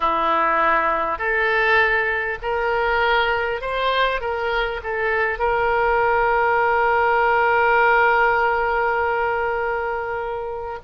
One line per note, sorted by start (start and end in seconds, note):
0.00 1.18 E4
1.18 2.38 A4
2.42 3.61 A#4
3.61 4.20 C5
4.20 4.80 A#4
4.83 5.38 A4
5.38 10.78 A#4